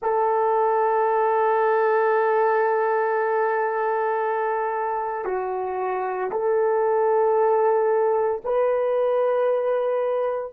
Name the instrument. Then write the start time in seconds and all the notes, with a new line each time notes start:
horn
0.02 A4
5.24 F#4
6.31 A4
8.44 B4